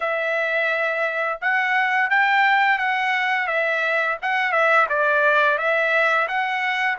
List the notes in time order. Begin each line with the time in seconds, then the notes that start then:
0.00 E5
1.41 F#5
2.10 G5
2.78 F#5
3.47 E5
4.21 F#5
4.52 E5
4.89 D5
5.58 E5
6.28 F#5